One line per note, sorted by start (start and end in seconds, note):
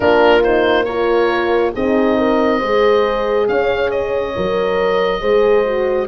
0.00 1.74 A#3
0.00 0.42 D4
0.00 0.86 F4
0.00 0.42 A#4
0.43 0.86 D#4
0.43 0.84 C5
0.84 1.75 F4
0.84 1.72 A#4
0.84 1.71 C#5
1.73 2.62 C4
1.73 2.59 D#4
1.73 2.17 G#4
1.73 3.48 D#5
2.17 2.59 A#4
2.59 3.48 G#3
2.59 4.33 G#4
2.59 3.46 C5
3.48 4.35 C#4
3.48 5.20 C#5
3.48 3.90 F5
3.90 6.08 D#5
4.35 5.22 F#3
4.35 5.20 A#4
5.20 6.08 G#3
5.20 5.64 G#4
5.20 6.07 C5
5.64 6.08 F#4